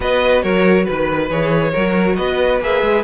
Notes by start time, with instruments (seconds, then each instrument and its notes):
0.00 cello B3, viola F#4, violin B4 D#5
0.42 cello F#3, violin A#4 C#5
0.84 violin B4
0.90 cello D#3
1.30 cello E3, viola G#4, violin C#5
1.72 cello F#3, viola F#4, violin A#4
2.15 cello B3, violin B4 D#5
2.61 cello A#3, viola G#4, violin E5
2.82 cello G#3